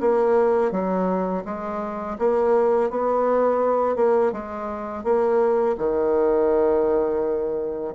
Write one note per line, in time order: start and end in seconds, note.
0.00 0.71 A#3
0.71 1.44 F#3
1.45 2.18 G#3
2.19 2.90 A#3
2.90 3.96 B3
3.96 4.32 A#3
4.32 5.04 G#3
5.04 5.76 A#3
5.78 7.95 D#3